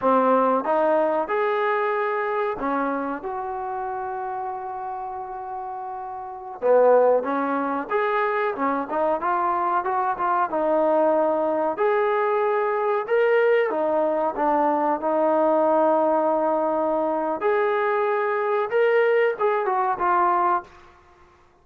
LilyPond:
\new Staff \with { instrumentName = "trombone" } { \time 4/4 \tempo 4 = 93 c'4 dis'4 gis'2 | cis'4 fis'2.~ | fis'2~ fis'16 b4 cis'8.~ | cis'16 gis'4 cis'8 dis'8 f'4 fis'8 f'16~ |
f'16 dis'2 gis'4.~ gis'16~ | gis'16 ais'4 dis'4 d'4 dis'8.~ | dis'2. gis'4~ | gis'4 ais'4 gis'8 fis'8 f'4 | }